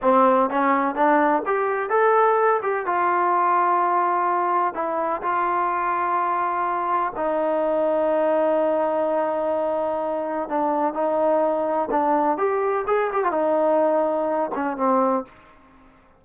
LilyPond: \new Staff \with { instrumentName = "trombone" } { \time 4/4 \tempo 4 = 126 c'4 cis'4 d'4 g'4 | a'4. g'8 f'2~ | f'2 e'4 f'4~ | f'2. dis'4~ |
dis'1~ | dis'2 d'4 dis'4~ | dis'4 d'4 g'4 gis'8 g'16 f'16 | dis'2~ dis'8 cis'8 c'4 | }